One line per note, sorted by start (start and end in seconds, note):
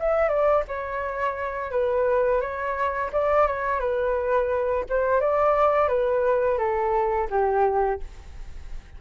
0.00 0.29 E5
0.29 0.64 D5
0.68 1.72 C#5
1.72 2.41 B4
2.41 3.11 C#5
3.13 3.48 D5
3.48 3.80 C#5
3.80 4.85 B4
4.90 5.21 C5
5.21 5.89 D5
5.89 6.59 B4
6.59 7.28 A4
7.31 8.00 G4